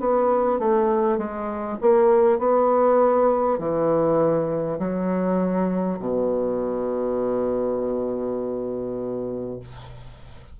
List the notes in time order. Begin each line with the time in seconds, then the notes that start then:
0.00 B3
0.59 A3
1.18 G#3
1.81 A#3
2.38 B3
3.58 E3
4.79 F#3
5.99 B2